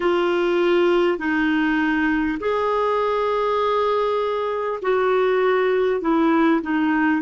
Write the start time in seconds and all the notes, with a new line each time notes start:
0.00 F4
1.18 D#4
2.40 G#4
4.82 F#4
6.01 E4
6.62 D#4